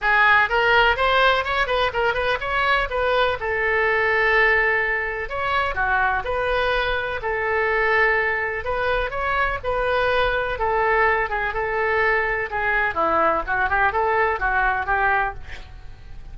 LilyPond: \new Staff \with { instrumentName = "oboe" } { \time 4/4 \tempo 4 = 125 gis'4 ais'4 c''4 cis''8 b'8 | ais'8 b'8 cis''4 b'4 a'4~ | a'2. cis''4 | fis'4 b'2 a'4~ |
a'2 b'4 cis''4 | b'2 a'4. gis'8 | a'2 gis'4 e'4 | fis'8 g'8 a'4 fis'4 g'4 | }